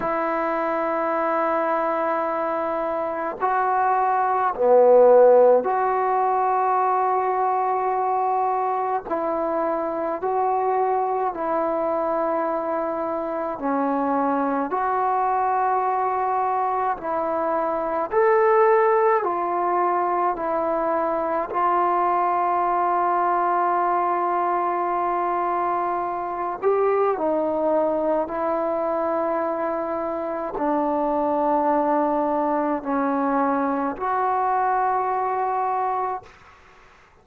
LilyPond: \new Staff \with { instrumentName = "trombone" } { \time 4/4 \tempo 4 = 53 e'2. fis'4 | b4 fis'2. | e'4 fis'4 e'2 | cis'4 fis'2 e'4 |
a'4 f'4 e'4 f'4~ | f'2.~ f'8 g'8 | dis'4 e'2 d'4~ | d'4 cis'4 fis'2 | }